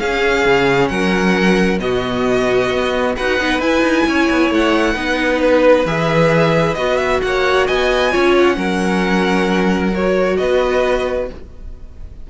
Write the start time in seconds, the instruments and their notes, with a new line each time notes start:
0.00 viola C#4, cello C#4, violin G#4 F5
0.45 cello C#3
0.89 cello F#3, violin A#4 F#5
1.79 cello B2, viola B3, violin F#4 D#5
2.71 cello B3
3.16 cello D#4, viola F#4, violin B4 F#5
3.39 cello B3, viola D#4
3.59 cello E4, viola E4, violin G#5
3.82 cello D#4
4.07 cello C#4, violin C#5
4.31 cello B3
4.51 cello A3, violin F#5
4.94 cello B3, viola D#4, violin B4
5.41 violin B4
5.86 cello E3, viola G#4, violin E5
6.75 cello B3, viola F#4, violin D#5
6.98 violin E5
7.23 cello A#3, violin C#5 F#5
7.67 cello B3, violin D#5 G#5
8.12 cello C#4, viola F4, violin C#5
8.38 violin F#5
8.55 cello F#3, viola C#4, violin A#4
9.93 viola F#4, violin C#5
10.37 cello B3, violin B4 D#5